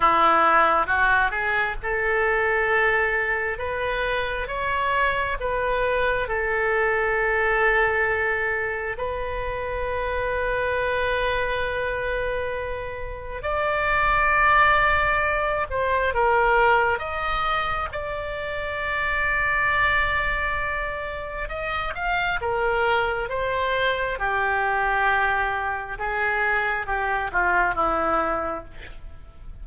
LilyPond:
\new Staff \with { instrumentName = "oboe" } { \time 4/4 \tempo 4 = 67 e'4 fis'8 gis'8 a'2 | b'4 cis''4 b'4 a'4~ | a'2 b'2~ | b'2. d''4~ |
d''4. c''8 ais'4 dis''4 | d''1 | dis''8 f''8 ais'4 c''4 g'4~ | g'4 gis'4 g'8 f'8 e'4 | }